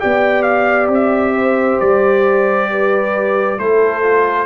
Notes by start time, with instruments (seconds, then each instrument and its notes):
0.00 tuba B3, trombone G4, horn D5, trumpet G5
0.42 trumpet F5
0.88 tuba C4, trumpet E5
1.36 horn C5
1.80 tuba G3, trumpet D5
2.70 horn B4
3.58 tuba A3, trombone E4, horn A4, trumpet C5
4.03 trombone F4